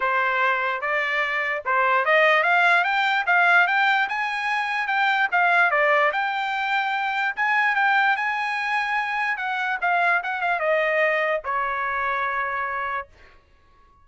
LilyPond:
\new Staff \with { instrumentName = "trumpet" } { \time 4/4 \tempo 4 = 147 c''2 d''2 | c''4 dis''4 f''4 g''4 | f''4 g''4 gis''2 | g''4 f''4 d''4 g''4~ |
g''2 gis''4 g''4 | gis''2. fis''4 | f''4 fis''8 f''8 dis''2 | cis''1 | }